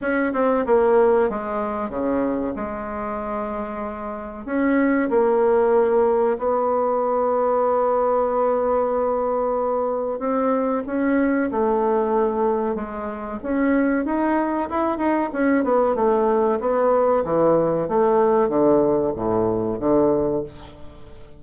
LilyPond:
\new Staff \with { instrumentName = "bassoon" } { \time 4/4 \tempo 4 = 94 cis'8 c'8 ais4 gis4 cis4 | gis2. cis'4 | ais2 b2~ | b1 |
c'4 cis'4 a2 | gis4 cis'4 dis'4 e'8 dis'8 | cis'8 b8 a4 b4 e4 | a4 d4 a,4 d4 | }